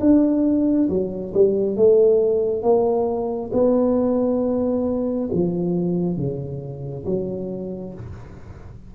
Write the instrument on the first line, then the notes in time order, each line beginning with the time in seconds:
tuba
0.00 D4
0.89 F#3
1.34 G3
1.76 A3
2.62 A#3
3.53 B3
5.32 F3
6.16 C#3
7.05 F#3